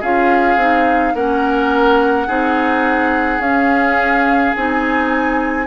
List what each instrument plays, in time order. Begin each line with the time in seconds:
0.00 bassoon C#4, clarinet F4, oboe G#4, flute F5
0.57 bassoon C4, clarinet D#4
1.14 bassoon A#3, clarinet C#4, oboe A#4, flute F#5
2.27 bassoon C4, clarinet D#4, oboe G#4
3.39 bassoon C#4, clarinet C#4, flute F5
4.55 bassoon C4, clarinet D#4, flute G#5